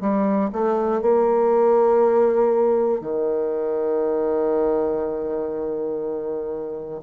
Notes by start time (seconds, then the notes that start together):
0.00 G3
0.52 A3
1.01 A#3
3.01 D#3